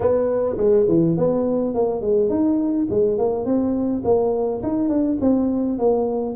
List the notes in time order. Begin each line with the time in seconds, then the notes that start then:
0.00 B3
0.57 G#3
0.88 E3
1.17 B3
1.74 A#3
2.01 G#3
2.29 D#4
2.90 G#3
3.18 A#3
3.45 C4
4.04 A#3
4.62 D#4
4.89 D4
5.21 C4
5.78 A#3